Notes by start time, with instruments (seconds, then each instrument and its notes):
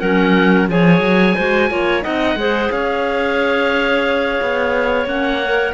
0.00 cello F#3, clarinet C#4 A#4, oboe F#5
0.68 cello F3, clarinet G#4 C#5, oboe G#5
1.00 cello F#3
1.35 cello G#3, clarinet F#4 C5
1.70 cello A#3, clarinet F4 C#5
2.02 cello C4, clarinet D#4 D#5, oboe F#5
2.35 cello G#3, clarinet G#4 C5
2.71 cello C#4, clarinet C#5, oboe F5
4.41 cello B3
5.06 cello A#3, clarinet C#4, oboe F#5
5.44 clarinet A#4